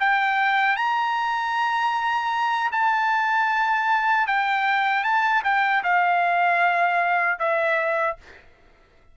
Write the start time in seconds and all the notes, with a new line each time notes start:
0.00 G5
0.77 A#5
2.72 A5
4.28 G5
5.04 A5
5.44 G5
5.83 F5
7.39 E5